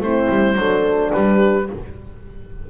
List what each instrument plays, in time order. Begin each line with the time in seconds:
0.00 double bass A3, horn C4 E4, oboe C5
0.29 double bass G3
0.56 double bass F#3, horn D4 A4
1.12 double bass G3, horn G4, oboe B4